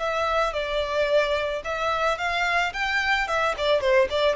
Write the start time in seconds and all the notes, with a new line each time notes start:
0.00 E5
0.53 D5
1.65 E5
2.18 F5
2.73 G5
3.28 E5
3.58 D5
3.81 C5
4.10 D5